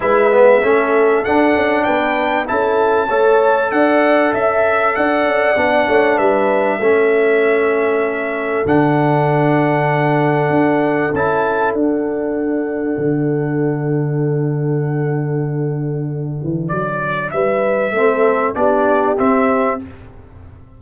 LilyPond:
<<
  \new Staff \with { instrumentName = "trumpet" } { \time 4/4 \tempo 4 = 97 e''2 fis''4 g''4 | a''2 fis''4 e''4 | fis''2 e''2~ | e''2 fis''2~ |
fis''2 a''4 fis''4~ | fis''1~ | fis''2. d''4 | e''2 d''4 e''4 | }
  \new Staff \with { instrumentName = "horn" } { \time 4/4 b'4 a'2 b'4 | a'4 cis''4 d''4 e''4 | d''4. cis''8 b'4 a'4~ | a'1~ |
a'1~ | a'1~ | a'1 | b'4 a'4 g'2 | }
  \new Staff \with { instrumentName = "trombone" } { \time 4/4 e'8 b8 cis'4 d'2 | e'4 a'2.~ | a'4 d'2 cis'4~ | cis'2 d'2~ |
d'2 e'4 d'4~ | d'1~ | d'1~ | d'4 c'4 d'4 c'4 | }
  \new Staff \with { instrumentName = "tuba" } { \time 4/4 gis4 a4 d'8 cis'8 b4 | cis'4 a4 d'4 cis'4 | d'8 cis'8 b8 a8 g4 a4~ | a2 d2~ |
d4 d'4 cis'4 d'4~ | d'4 d2.~ | d2~ d8 e8 fis4 | g4 a4 b4 c'4 | }
>>